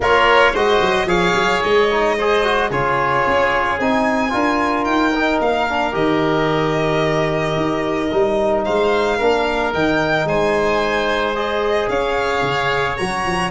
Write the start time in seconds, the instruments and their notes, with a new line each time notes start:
0.00 tuba A#3, trombone F4, oboe A#4, violin C#5
0.52 tuba G#3, trombone F#4, oboe C5, violin D#5
0.81 tuba F#3
1.06 tuba F3, trombone G#4, oboe C#5, violin F5
1.33 tuba F#3
1.62 tuba G#3, violin D#5
1.91 trombone D#4
2.18 trombone G#4, oboe C5
2.43 trombone F#4
2.70 tuba C#3, trombone F4, oboe G#4, violin C#5
3.26 tuba C#4
3.79 tuba C4, trombone D#4, violin G#5
4.30 tuba D4, trombone F4, oboe A#4
4.84 tuba D#4, violin G5
5.15 trombone D#4
5.40 tuba A#3, violin F5
5.69 trombone D4
5.92 tuba D#3, trombone G4, violin D#5
7.56 tuba D#4
8.11 tuba G3, trombone D#4
8.64 tuba G#3, oboe C5, violin F5
9.17 tuba A#3, trombone D4, oboe A#4
9.73 tuba D#3, trombone D#4, violin G5
10.24 tuba G#3, oboe C5, violin G#5
11.35 trombone G#4, violin D#5
11.89 tuba C#4, oboe C#5, violin F5
12.42 tuba C#3
12.96 tuba F#3, trombone F#4, violin A#5
13.25 tuba F3